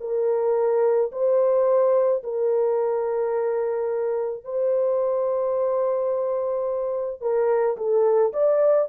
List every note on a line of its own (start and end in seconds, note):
0.00 1.11 A#4
1.12 2.23 C5
2.23 4.44 A#4
4.44 7.21 C5
7.21 7.77 A#4
7.77 8.33 A4
8.33 8.89 D5